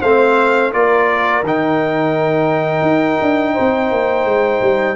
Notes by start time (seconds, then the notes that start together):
0.00 A3 C4 C5 F5
0.72 A#3 F4 A#4 D5
1.43 D#3 D#4 G5
2.81 D#4
3.21 D4
3.53 C5
3.59 C4
3.91 A#3
4.24 G#3
4.60 G3